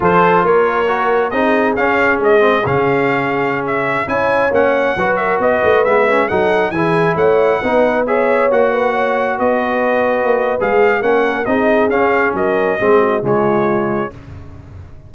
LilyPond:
<<
  \new Staff \with { instrumentName = "trumpet" } { \time 4/4 \tempo 4 = 136 c''4 cis''2 dis''4 | f''4 dis''4 f''2~ | f''16 e''4 gis''4 fis''4. e''16~ | e''16 dis''4 e''4 fis''4 gis''8.~ |
gis''16 fis''2 e''4 fis''8.~ | fis''4~ fis''16 dis''2~ dis''8. | f''4 fis''4 dis''4 f''4 | dis''2 cis''2 | }
  \new Staff \with { instrumentName = "horn" } { \time 4/4 a'4 ais'2 gis'4~ | gis'1~ | gis'4~ gis'16 cis''2 b'8 ais'16~ | ais'16 b'2 a'4 gis'8.~ |
gis'16 cis''4 b'4 cis''4. b'16~ | b'16 cis''4 b'2~ b'8.~ | b'4 ais'4 gis'2 | ais'4 gis'8 fis'8 f'2 | }
  \new Staff \with { instrumentName = "trombone" } { \time 4/4 f'2 fis'4 dis'4 | cis'4. c'8 cis'2~ | cis'4~ cis'16 e'4 cis'4 fis'8.~ | fis'4~ fis'16 b8 cis'8 dis'4 e'8.~ |
e'4~ e'16 dis'4 gis'4 fis'8.~ | fis'1 | gis'4 cis'4 dis'4 cis'4~ | cis'4 c'4 gis2 | }
  \new Staff \with { instrumentName = "tuba" } { \time 4/4 f4 ais2 c'4 | cis'4 gis4 cis2~ | cis4~ cis16 cis'4 ais4 fis8.~ | fis16 b8 a8 gis4 fis4 e8.~ |
e16 a4 b2 ais8.~ | ais4~ ais16 b2 ais8. | gis4 ais4 c'4 cis'4 | fis4 gis4 cis2 | }
>>